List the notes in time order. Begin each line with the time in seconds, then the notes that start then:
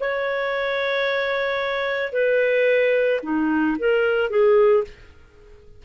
0.00 C#5
2.12 B4
3.23 D#4
3.78 A#4
4.30 G#4